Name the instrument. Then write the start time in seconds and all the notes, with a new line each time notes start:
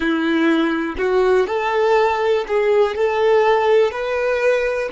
violin
0.00 E4
0.97 F#4
1.46 A4
2.47 G#4
2.95 A4
3.91 B4